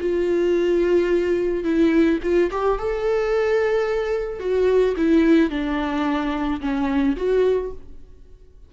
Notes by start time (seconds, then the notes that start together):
0.00 F4
1.64 E4
2.23 F4
2.51 G4
2.78 A4
4.40 F#4
4.97 E4
5.50 D4
6.61 C#4
7.16 F#4